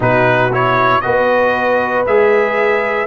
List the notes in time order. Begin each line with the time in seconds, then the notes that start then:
0.00 B2 D#4 F#4 B4
0.52 E4 C#5
1.01 B3 F#4 B4 D#5
2.06 G#3 G#4 E5